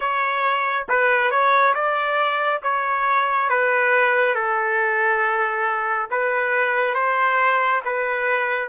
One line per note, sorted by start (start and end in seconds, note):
0.00 0.86 C#5
0.89 1.30 B4
1.30 1.74 C#5
1.74 2.61 D5
2.62 3.49 C#5
3.49 4.34 B4
4.34 6.08 A4
6.10 6.94 B4
6.94 7.81 C5
7.84 8.68 B4